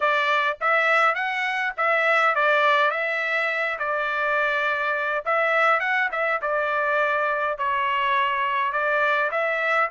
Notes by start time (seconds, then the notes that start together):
0.00 D5
0.61 E5
1.15 F#5
1.77 E5
2.35 D5
2.90 E5
3.78 D5
5.25 E5
5.80 F#5
6.11 E5
6.41 D5
7.58 C#5
8.72 D5
9.31 E5